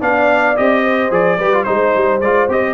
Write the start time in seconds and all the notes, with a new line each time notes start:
0.00 B3 D4 D5 F5
0.56 C4 G4 D#5
0.83 C5
1.10 F3 G#4 D5
1.38 G3 G4 B4
1.53 F4
1.63 G#3 D#4 C5
1.96 G3
2.21 G#3 F4 D5
2.48 C4 G4 D#5